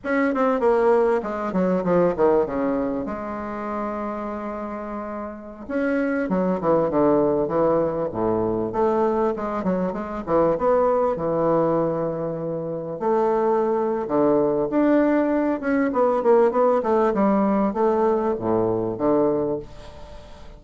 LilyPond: \new Staff \with { instrumentName = "bassoon" } { \time 4/4 \tempo 4 = 98 cis'8 c'8 ais4 gis8 fis8 f8 dis8 | cis4 gis2.~ | gis4~ gis16 cis'4 fis8 e8 d8.~ | d16 e4 a,4 a4 gis8 fis16~ |
fis16 gis8 e8 b4 e4.~ e16~ | e4~ e16 a4.~ a16 d4 | d'4. cis'8 b8 ais8 b8 a8 | g4 a4 a,4 d4 | }